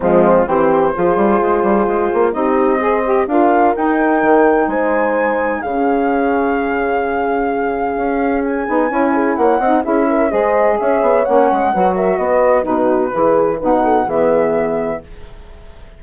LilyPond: <<
  \new Staff \with { instrumentName = "flute" } { \time 4/4 \tempo 4 = 128 f'4 c''2.~ | c''4 dis''2 f''4 | g''2 gis''2 | f''1~ |
f''2 gis''2 | fis''4 e''4 dis''4 e''4 | fis''4. e''8 dis''4 b'4~ | b'4 fis''4 e''2 | }
  \new Staff \with { instrumentName = "horn" } { \time 4/4 c'4 g'4 gis'2~ | gis'4 g'4 c''4 ais'4~ | ais'2 c''2 | gis'1~ |
gis'2. cis''8 gis'8 | cis''8 dis''8 gis'8 ais'8 c''4 cis''4~ | cis''4 b'8 ais'8 b'4 fis'4 | gis'4 b'8 a'8 gis'2 | }
  \new Staff \with { instrumentName = "saxophone" } { \time 4/4 gis4 c'4 f'2~ | f'4 dis'4 gis'8 g'8 f'4 | dis'1 | cis'1~ |
cis'2~ cis'8 dis'8 e'4~ | e'8 dis'8 e'4 gis'2 | cis'4 fis'2 dis'4 | e'4 dis'4 b2 | }
  \new Staff \with { instrumentName = "bassoon" } { \time 4/4 f4 e4 f8 g8 gis8 g8 | gis8 ais8 c'2 d'4 | dis'4 dis4 gis2 | cis1~ |
cis4 cis'4. b8 cis'4 | ais8 c'8 cis'4 gis4 cis'8 b8 | ais8 gis8 fis4 b4 b,4 | e4 b,4 e2 | }
>>